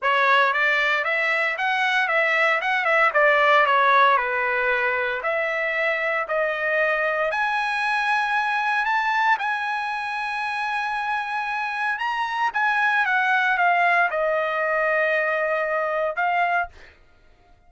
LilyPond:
\new Staff \with { instrumentName = "trumpet" } { \time 4/4 \tempo 4 = 115 cis''4 d''4 e''4 fis''4 | e''4 fis''8 e''8 d''4 cis''4 | b'2 e''2 | dis''2 gis''2~ |
gis''4 a''4 gis''2~ | gis''2. ais''4 | gis''4 fis''4 f''4 dis''4~ | dis''2. f''4 | }